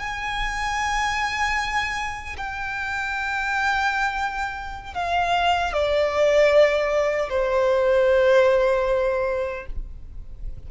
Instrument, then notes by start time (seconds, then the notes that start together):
violin
0.00 G#5
2.38 G5
4.94 F5
5.73 D5
7.30 C5